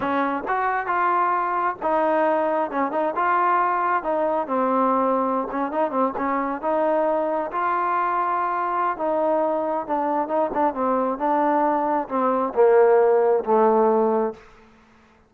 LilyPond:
\new Staff \with { instrumentName = "trombone" } { \time 4/4 \tempo 4 = 134 cis'4 fis'4 f'2 | dis'2 cis'8 dis'8 f'4~ | f'4 dis'4 c'2~ | c'16 cis'8 dis'8 c'8 cis'4 dis'4~ dis'16~ |
dis'8. f'2.~ f'16 | dis'2 d'4 dis'8 d'8 | c'4 d'2 c'4 | ais2 a2 | }